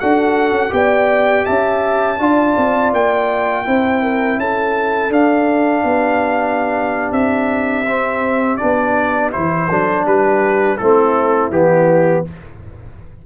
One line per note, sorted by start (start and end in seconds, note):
0.00 0.52 D4
0.00 0.70 F#4
0.00 0.73 A4
0.00 0.73 F#5
0.52 0.70 C#4
0.70 1.46 B3
0.70 2.16 G4
0.70 1.46 D5
0.70 1.46 G5
1.46 2.19 C#4
1.46 2.19 E5
1.46 2.92 A5
2.19 2.56 D4
2.19 3.65 F4
2.19 3.67 D5
2.58 2.93 C4
2.93 3.66 A#3
2.93 4.40 G5
3.65 4.38 C4
3.65 5.12 E4
3.65 4.03 C5
4.03 4.39 A#4
4.38 5.10 C#4
4.38 5.86 A4
4.38 5.13 A5
5.10 5.83 D4
5.10 7.86 D4
5.10 7.13 F5
5.84 7.12 B3
5.84 9.68 G4
7.12 8.58 C4
7.12 8.57 E5
7.89 8.59 C4
8.57 9.36 B3
8.57 9.32 D4
8.57 9.30 D5
9.32 9.71 E3
9.32 9.68 E4
9.32 10.06 C5
9.68 10.07 F#3
9.68 10.80 D4
9.68 10.05 A4
10.05 10.80 G3
10.05 10.78 G4
10.05 10.77 B4
10.77 11.51 A3
10.77 11.52 C4
10.77 12.26 E4
10.77 11.51 A4
11.51 12.24 E3
11.51 12.25 B3
11.51 12.25 G4